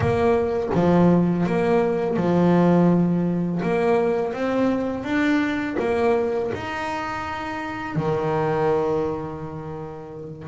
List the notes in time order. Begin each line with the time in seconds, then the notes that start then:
0.00 A#3
0.74 F3
1.46 A#3
2.16 F3
3.62 A#3
4.33 C4
5.04 D4
5.79 A#3
6.54 D#4
7.95 D#3